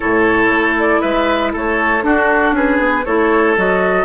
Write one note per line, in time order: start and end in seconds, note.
0.00 0.49 A2
0.00 2.02 E4
0.00 1.01 A4
0.00 0.75 C#5
0.49 1.00 A3
0.79 1.01 D5
1.01 1.54 G#3
1.01 1.52 B4
1.01 1.52 E5
1.52 2.03 A3
1.52 2.03 A4
1.52 2.03 C#5
2.02 3.04 D4
2.02 2.51 D4
2.02 2.55 F#4
2.02 2.53 A4
2.51 2.77 C#4
2.51 3.05 G#4
2.51 3.05 B4
2.79 3.04 B3
3.05 3.57 A3
3.05 3.56 E4
3.05 4.05 A4
3.05 3.56 C#5
3.56 4.05 F#3
3.56 4.05 F#4
3.56 4.05 D#5